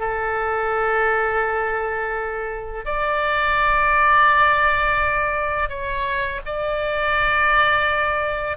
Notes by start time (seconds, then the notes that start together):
0.00 A4
2.85 D5
5.69 C#5
6.46 D5